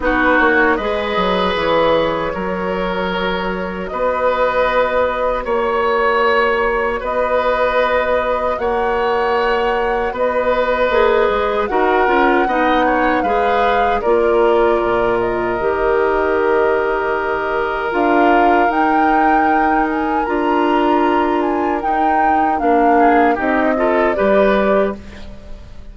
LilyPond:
<<
  \new Staff \with { instrumentName = "flute" } { \time 4/4 \tempo 4 = 77 b'8 cis''8 dis''4 cis''2~ | cis''4 dis''2 cis''4~ | cis''4 dis''2 fis''4~ | fis''4 dis''2 fis''4~ |
fis''4 f''4 d''4. dis''8~ | dis''2. f''4 | g''4. gis''8 ais''4. gis''8 | g''4 f''4 dis''4 d''4 | }
  \new Staff \with { instrumentName = "oboe" } { \time 4/4 fis'4 b'2 ais'4~ | ais'4 b'2 cis''4~ | cis''4 b'2 cis''4~ | cis''4 b'2 ais'4 |
dis''8 cis''8 b'4 ais'2~ | ais'1~ | ais'1~ | ais'4. gis'8 g'8 a'8 b'4 | }
  \new Staff \with { instrumentName = "clarinet" } { \time 4/4 dis'4 gis'2 fis'4~ | fis'1~ | fis'1~ | fis'2 gis'4 fis'8 f'8 |
dis'4 gis'4 f'2 | g'2. f'4 | dis'2 f'2 | dis'4 d'4 dis'8 f'8 g'4 | }
  \new Staff \with { instrumentName = "bassoon" } { \time 4/4 b8 ais8 gis8 fis8 e4 fis4~ | fis4 b2 ais4~ | ais4 b2 ais4~ | ais4 b4 ais8 gis8 dis'8 cis'8 |
b4 gis4 ais4 ais,4 | dis2. d'4 | dis'2 d'2 | dis'4 ais4 c'4 g4 | }
>>